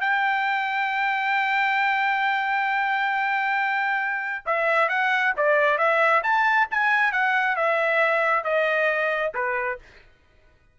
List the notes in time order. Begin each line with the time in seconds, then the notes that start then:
0.00 G5
4.46 E5
4.88 F#5
5.36 D5
5.78 E5
6.23 A5
6.70 G#5
7.12 F#5
7.56 E5
8.43 D#5
9.34 B4